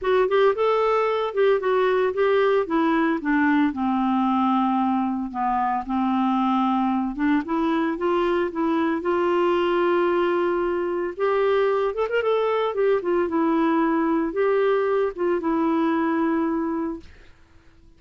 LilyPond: \new Staff \with { instrumentName = "clarinet" } { \time 4/4 \tempo 4 = 113 fis'8 g'8 a'4. g'8 fis'4 | g'4 e'4 d'4 c'4~ | c'2 b4 c'4~ | c'4. d'8 e'4 f'4 |
e'4 f'2.~ | f'4 g'4. a'16 ais'16 a'4 | g'8 f'8 e'2 g'4~ | g'8 f'8 e'2. | }